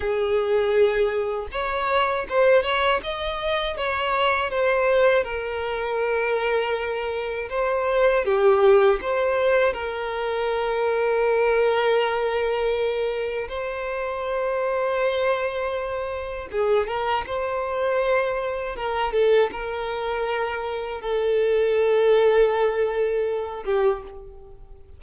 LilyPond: \new Staff \with { instrumentName = "violin" } { \time 4/4 \tempo 4 = 80 gis'2 cis''4 c''8 cis''8 | dis''4 cis''4 c''4 ais'4~ | ais'2 c''4 g'4 | c''4 ais'2.~ |
ais'2 c''2~ | c''2 gis'8 ais'8 c''4~ | c''4 ais'8 a'8 ais'2 | a'2.~ a'8 g'8 | }